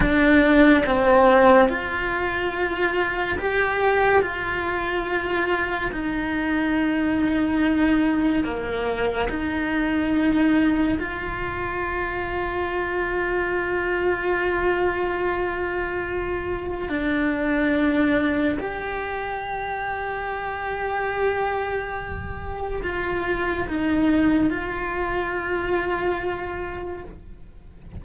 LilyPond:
\new Staff \with { instrumentName = "cello" } { \time 4/4 \tempo 4 = 71 d'4 c'4 f'2 | g'4 f'2 dis'4~ | dis'2 ais4 dis'4~ | dis'4 f'2.~ |
f'1 | d'2 g'2~ | g'2. f'4 | dis'4 f'2. | }